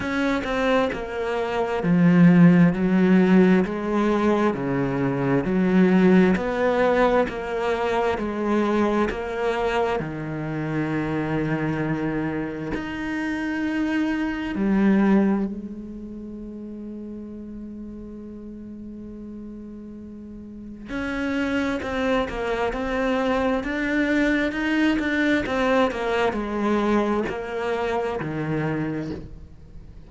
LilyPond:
\new Staff \with { instrumentName = "cello" } { \time 4/4 \tempo 4 = 66 cis'8 c'8 ais4 f4 fis4 | gis4 cis4 fis4 b4 | ais4 gis4 ais4 dis4~ | dis2 dis'2 |
g4 gis2.~ | gis2. cis'4 | c'8 ais8 c'4 d'4 dis'8 d'8 | c'8 ais8 gis4 ais4 dis4 | }